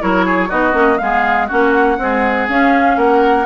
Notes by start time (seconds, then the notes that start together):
0.00 F#3 E4 A#4 C#5
0.26 G#4
0.49 B3 D#4 F#4 D#5
0.72 A#3 C#4
0.98 G#3 B3 G#4 F5
1.47 A#3 C#4 F#4 F#5
1.98 G#3 C4 G#4
2.49 C#4 F5
2.97 A#3 A#4 F#5